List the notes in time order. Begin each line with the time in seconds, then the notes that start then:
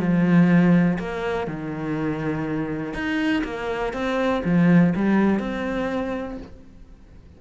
0.00 F3
0.99 A#3
1.48 D#3
2.94 D#4
3.44 A#3
3.93 C4
4.45 F3
4.96 G3
5.40 C4